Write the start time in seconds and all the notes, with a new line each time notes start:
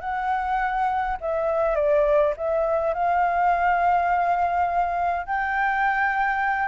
0.00 F#5
1.20 E5
1.75 D5
2.36 E5
2.94 F5
5.26 G5